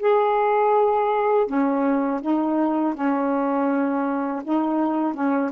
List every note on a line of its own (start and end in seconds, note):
0.00 1.47 G#4
1.47 2.21 C#4
2.22 2.95 D#4
2.95 4.43 C#4
4.44 5.14 D#4
5.14 5.51 C#4